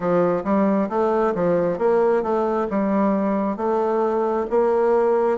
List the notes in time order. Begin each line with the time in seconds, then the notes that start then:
0.00 F3
0.44 G3
0.89 A3
1.34 F3
1.78 A#3
2.22 A3
2.69 G3
3.57 A3
4.49 A#3